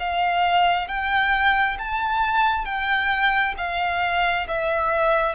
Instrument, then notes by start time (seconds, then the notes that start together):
violin
0.00 F5
0.88 G5
1.79 A5
2.65 G5
3.58 F5
4.48 E5